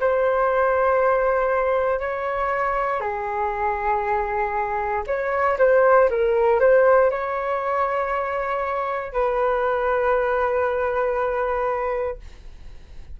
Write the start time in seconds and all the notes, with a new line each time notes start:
0.00 C5
2.00 C#5
3.00 G#4
5.07 C#5
5.58 C5
6.10 A#4
6.60 C5
7.10 C#5
9.12 B4